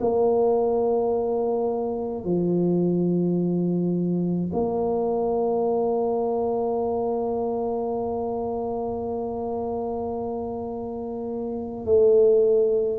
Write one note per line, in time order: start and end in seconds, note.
0.00 2.24 A#3
2.24 4.50 F3
4.53 11.85 A#3
11.85 12.98 A3